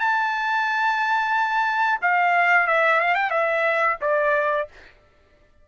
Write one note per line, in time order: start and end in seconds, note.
0.00 2.00 A5
2.02 2.68 F5
2.68 3.01 E5
3.01 3.15 F5
3.15 3.31 G5
3.31 3.98 E5
4.02 4.68 D5